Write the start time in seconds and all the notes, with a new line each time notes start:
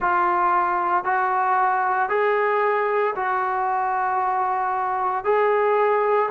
0.00 F4
1.04 F#4
2.09 G#4
3.15 F#4
5.24 G#4